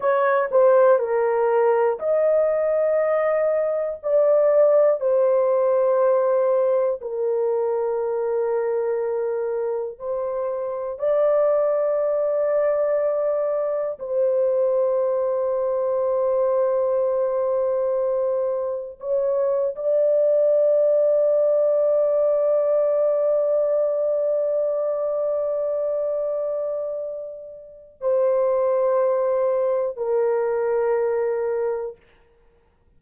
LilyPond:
\new Staff \with { instrumentName = "horn" } { \time 4/4 \tempo 4 = 60 cis''8 c''8 ais'4 dis''2 | d''4 c''2 ais'4~ | ais'2 c''4 d''4~ | d''2 c''2~ |
c''2. cis''8. d''16~ | d''1~ | d''1 | c''2 ais'2 | }